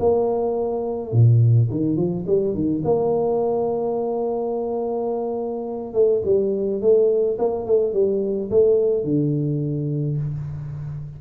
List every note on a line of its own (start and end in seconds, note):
0.00 1.13 A#3
1.13 1.69 A#2
1.71 1.97 D#3
1.97 2.25 F3
2.27 2.55 G3
2.55 2.83 D#3
2.85 5.94 A#3
5.94 6.22 A3
6.25 6.82 G3
6.82 7.38 A3
7.39 7.66 A#3
7.66 7.94 A3
7.94 8.50 G3
8.51 9.05 A3
9.05 10.18 D3